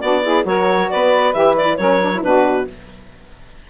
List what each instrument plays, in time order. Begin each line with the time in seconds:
0.00 bassoon B3, saxophone D4 F#4, clarinet D5
0.22 saxophone E4 G#4
0.44 bassoon F#3, saxophone F#4 A#4, clarinet C#5
0.90 bassoon B3, saxophone B4, clarinet D5
1.34 bassoon E3, saxophone G4, clarinet E5
1.57 saxophone E4, clarinet D5
1.77 bassoon F#3, saxophone C#4 A#4, clarinet C#5
2.01 saxophone D4
2.15 saxophone E4
2.23 bassoon B2, saxophone D4 F#4, clarinet B4